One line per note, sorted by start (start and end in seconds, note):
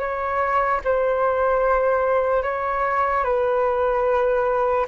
0.00 0.81 C#5
0.85 2.43 C5
2.43 3.24 C#5
3.24 4.86 B4